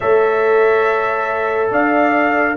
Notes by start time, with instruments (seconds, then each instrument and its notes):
0.00 tuba A3, trombone A4, horn C#5, trumpet E5
1.70 tuba D4, horn D5, trumpet F5